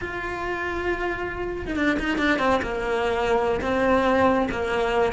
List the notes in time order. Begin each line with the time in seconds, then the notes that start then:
0.01 F4
1.66 D#4
1.76 D4
1.99 D#4
2.18 D4
2.39 C4
2.62 A#3
3.61 C4
4.51 A#3